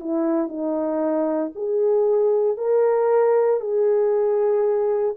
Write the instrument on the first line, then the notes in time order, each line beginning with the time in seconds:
horn
0.00 E4
0.48 D#4
1.55 G#4
2.57 A#4
3.60 G#4